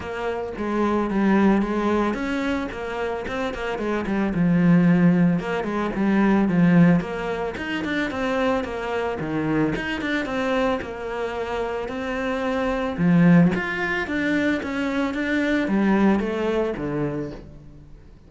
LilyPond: \new Staff \with { instrumentName = "cello" } { \time 4/4 \tempo 4 = 111 ais4 gis4 g4 gis4 | cis'4 ais4 c'8 ais8 gis8 g8 | f2 ais8 gis8 g4 | f4 ais4 dis'8 d'8 c'4 |
ais4 dis4 dis'8 d'8 c'4 | ais2 c'2 | f4 f'4 d'4 cis'4 | d'4 g4 a4 d4 | }